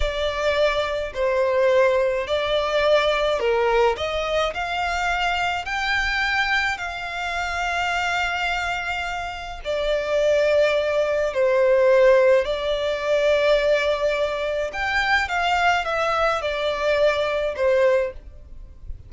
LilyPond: \new Staff \with { instrumentName = "violin" } { \time 4/4 \tempo 4 = 106 d''2 c''2 | d''2 ais'4 dis''4 | f''2 g''2 | f''1~ |
f''4 d''2. | c''2 d''2~ | d''2 g''4 f''4 | e''4 d''2 c''4 | }